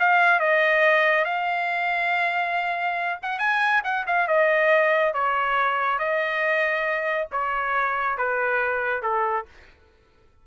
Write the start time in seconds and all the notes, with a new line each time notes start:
0.00 F5
0.40 D#5
1.25 F5
3.23 F#5
3.39 G#5
3.84 F#5
4.07 F5
4.28 D#5
5.14 C#5
5.99 D#5
7.32 C#5
8.18 B4
9.03 A4